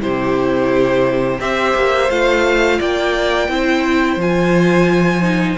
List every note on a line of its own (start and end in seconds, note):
0.00 1.40 C3
0.00 1.40 E4
0.00 1.41 G4
0.00 1.41 C5
1.40 1.75 C4
1.40 2.10 G4
1.40 2.79 C5
1.40 2.11 E5
1.75 2.10 A#3
2.10 2.80 A3
2.10 3.50 F4
2.10 2.81 F5
2.79 3.49 A#3
2.79 3.49 D5
2.79 4.21 G5
3.49 4.17 C4
3.49 4.19 E4
3.49 5.58 C5
4.17 5.56 F3
4.17 5.22 F4
4.17 5.58 G#5
5.22 5.57 D#4